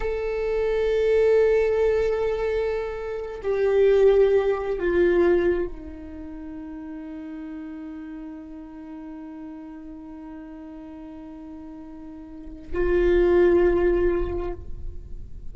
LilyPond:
\new Staff \with { instrumentName = "viola" } { \time 4/4 \tempo 4 = 132 a'1~ | a'2.~ a'8 g'8~ | g'2~ g'8 f'4.~ | f'8 dis'2.~ dis'8~ |
dis'1~ | dis'1~ | dis'1 | f'1 | }